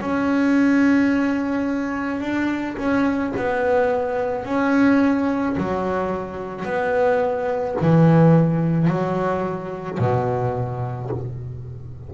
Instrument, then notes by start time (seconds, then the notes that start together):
double bass
0.00 C#4
2.20 D4
2.77 C#4
3.36 B3
4.44 C#4
5.57 F#3
6.65 B3
7.80 E3
8.87 F#3
9.98 B2